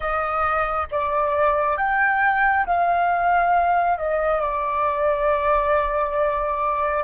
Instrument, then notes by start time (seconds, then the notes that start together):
flute
0.00 D#5
0.91 D5
1.77 G5
2.66 F5
3.97 D#5
4.41 D5